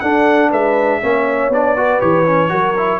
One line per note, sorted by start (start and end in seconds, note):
0.00 0.51 D4
0.00 1.02 D4
0.00 0.49 A4
0.00 0.50 F#5
0.49 1.01 G#3
0.49 0.99 B4
0.49 1.52 E5
1.02 1.49 A#3
1.02 1.52 C#4
1.02 1.77 C#5
1.49 1.99 B3
1.49 1.76 D4
1.49 2.00 D5
1.76 2.00 F#4
1.76 2.51 B4
2.00 2.51 E3
2.00 2.25 G4
2.00 3.00 C#5
2.26 2.49 C#4
2.49 3.00 F#3
2.49 2.74 F#4
2.49 3.00 A#4
2.77 3.00 E4